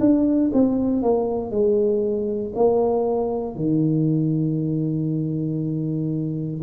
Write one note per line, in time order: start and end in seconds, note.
0.00 0.51 D4
0.53 1.02 C4
1.02 1.51 A#3
1.51 2.52 G#3
2.55 3.55 A#3
3.55 6.61 D#3